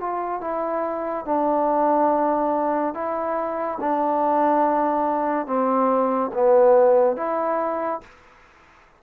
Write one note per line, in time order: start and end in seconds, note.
0.00 0.41 F4
0.41 1.25 E4
1.25 2.94 D4
2.94 3.78 E4
3.80 5.46 D4
5.46 6.31 C4
6.33 7.16 B3
7.16 8.01 E4